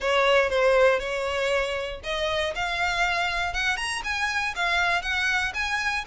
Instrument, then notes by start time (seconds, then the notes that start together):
violin
0.00 C#5
0.49 C5
0.99 C#5
2.03 D#5
2.55 F5
3.53 F#5
3.76 A#5
4.04 G#5
4.55 F5
5.02 F#5
5.54 G#5